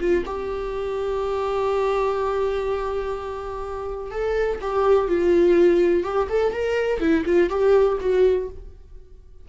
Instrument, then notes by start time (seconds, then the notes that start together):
viola
0.00 F4
0.26 G4
4.11 A4
4.61 G4
5.08 F4
6.04 G4
6.29 A4
6.53 A#4
7.00 E4
7.25 F4
7.50 G4
8.01 F#4